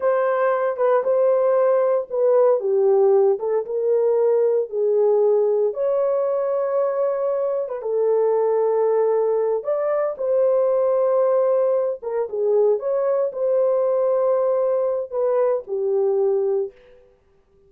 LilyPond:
\new Staff \with { instrumentName = "horn" } { \time 4/4 \tempo 4 = 115 c''4. b'8 c''2 | b'4 g'4. a'8 ais'4~ | ais'4 gis'2 cis''4~ | cis''2~ cis''8. b'16 a'4~ |
a'2~ a'8 d''4 c''8~ | c''2. ais'8 gis'8~ | gis'8 cis''4 c''2~ c''8~ | c''4 b'4 g'2 | }